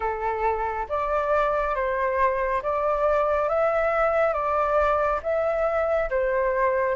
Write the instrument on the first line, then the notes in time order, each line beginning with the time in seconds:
flute
0.00 A4
0.89 D5
1.75 C5
2.62 D5
3.48 E5
4.33 D5
5.22 E5
6.09 C5